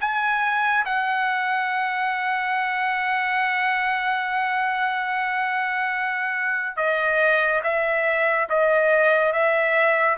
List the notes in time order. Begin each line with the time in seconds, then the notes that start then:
0.00 G#5
0.85 F#5
6.76 D#5
7.63 E5
8.49 D#5
9.32 E5